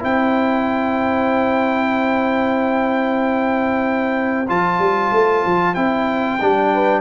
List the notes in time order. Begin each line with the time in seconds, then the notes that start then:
0.00 C4 E4 C5 G5
4.48 F3 F4 A5
4.79 G3
5.12 A3
5.46 F3
5.75 C4 E4 G5
6.41 G3 D4
6.74 B4